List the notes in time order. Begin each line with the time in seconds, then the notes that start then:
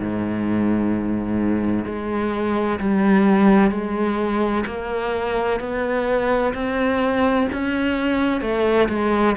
0.00 G#2
1.86 G#3
2.80 G3
3.71 G#3
4.67 A#3
5.60 B3
6.54 C4
7.53 C#4
8.42 A3
8.89 G#3